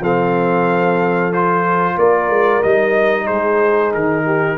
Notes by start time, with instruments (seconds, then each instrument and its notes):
0.00 tuba F3, trombone C4, horn A4, trumpet F5
1.32 trombone F4, trumpet C5
1.98 tuba A#3, horn A#4, trumpet D5
2.29 tuba G#3
2.63 tuba G3, trombone D#4, trumpet D#5
3.27 tuba G#3, horn G#4, trumpet C5
3.94 tuba D#3, trumpet A#4
4.25 horn G4